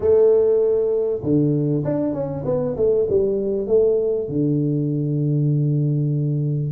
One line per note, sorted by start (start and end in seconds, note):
0.00 1.21 A3
1.22 1.84 D3
1.84 2.13 D4
2.13 2.44 C#4
2.45 2.76 B3
2.76 3.07 A3
3.09 3.67 G3
3.67 4.28 A3
4.28 6.72 D3